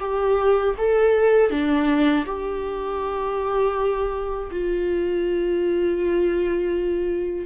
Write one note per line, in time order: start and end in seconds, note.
0.00 0.75 G4
0.78 1.51 A4
1.51 2.26 D4
2.26 4.51 G4
4.52 7.47 F4